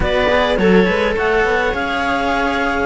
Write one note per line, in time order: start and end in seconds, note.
0.00 0.57 B3
0.00 0.25 F#4
0.00 0.59 B4
0.00 0.57 D5
0.28 0.57 G#4
0.57 0.86 F#3
0.57 1.71 A4
0.57 0.85 A4
0.57 1.15 C#5
0.85 1.16 G#3
0.85 1.14 B4
1.15 1.44 A3
1.15 2.86 C#5
1.15 1.74 F#5
1.44 1.73 B3
1.71 2.86 C#4
1.71 2.86 G#4
1.71 2.86 F5